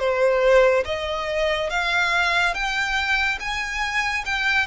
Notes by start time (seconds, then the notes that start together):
0.00 C5
0.86 D#5
1.71 F5
2.55 G5
3.40 G#5
4.26 G5